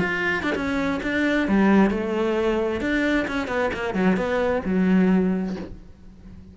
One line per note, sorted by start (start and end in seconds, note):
0.00 0.43 F4
0.43 0.55 D4
0.55 1.01 C#4
1.03 1.48 D4
1.48 1.91 G3
1.91 2.81 A3
2.81 3.27 D4
3.28 3.48 C#4
3.48 3.71 B3
3.74 3.95 A#3
3.95 4.17 F#3
4.17 4.62 B3
4.65 5.56 F#3